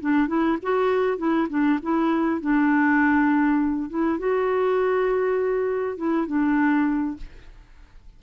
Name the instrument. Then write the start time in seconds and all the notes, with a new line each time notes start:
clarinet
0.00 D4
0.27 E4
0.62 F#4
1.17 E4
1.49 D4
1.82 E4
2.40 D4
3.89 E4
4.18 F#4
5.97 E4
6.26 D4